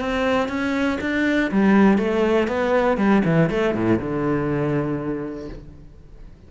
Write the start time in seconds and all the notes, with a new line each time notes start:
0.00 C4
0.48 C#4
1.01 D4
1.51 G3
1.98 A3
2.48 B3
2.97 G3
3.25 E3
3.50 A3
3.75 A2
3.99 D3